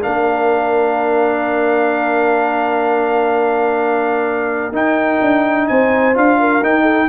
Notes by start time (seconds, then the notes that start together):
0.00 A#3 D4 A#4 F5
4.72 D#4 G5
5.21 D4
5.68 C4 C5 G#5
6.14 D4 F4 F5
6.40 A#4
6.62 D#4 G5
6.82 A4